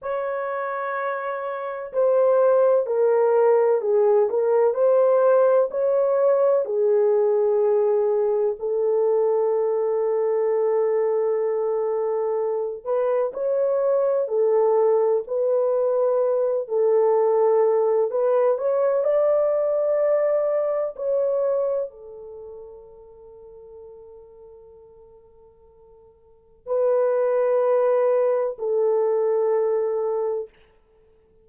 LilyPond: \new Staff \with { instrumentName = "horn" } { \time 4/4 \tempo 4 = 63 cis''2 c''4 ais'4 | gis'8 ais'8 c''4 cis''4 gis'4~ | gis'4 a'2.~ | a'4. b'8 cis''4 a'4 |
b'4. a'4. b'8 cis''8 | d''2 cis''4 a'4~ | a'1 | b'2 a'2 | }